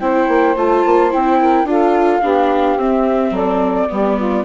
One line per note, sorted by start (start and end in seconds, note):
0.00 0.28 C4
0.00 0.56 E4
0.00 1.40 C5
0.00 0.56 G5
0.28 0.56 A#3
0.56 0.84 A3
0.56 1.11 F4
0.56 1.12 A5
0.86 1.13 A#3
1.11 1.64 C4
1.11 1.66 E4
1.11 1.69 G5
1.40 1.68 A#4
1.64 2.20 D4
1.64 2.22 F4
1.64 2.21 A4
1.64 2.80 F5
2.21 2.76 B3
2.21 2.78 D4
2.21 3.32 G4
2.76 3.31 C4
2.76 3.89 C4
2.76 3.35 E5
3.31 3.86 F#3
3.31 3.88 A4
3.31 4.45 D5
3.89 4.45 G3
3.89 4.45 B3
3.89 4.17 G4
4.17 4.45 F4